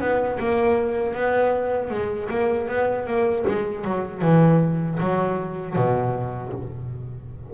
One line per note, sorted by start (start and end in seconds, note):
0.00 0.38 B3
0.39 1.14 A#3
1.14 1.90 B3
1.90 2.29 G#3
2.30 2.68 A#3
2.68 3.07 B3
3.07 3.45 A#3
3.47 3.85 G#3
3.85 4.22 F#3
4.22 4.99 E3
5.00 5.76 F#3
5.76 6.53 B2